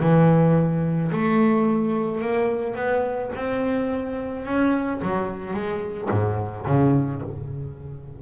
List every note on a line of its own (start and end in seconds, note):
0.00 1.11 E3
1.12 2.21 A3
2.21 2.75 A#3
2.75 3.31 B3
3.35 4.45 C4
4.45 5.01 C#4
5.02 5.54 F#3
5.54 6.09 G#3
6.11 6.66 G#2
6.66 7.22 C#3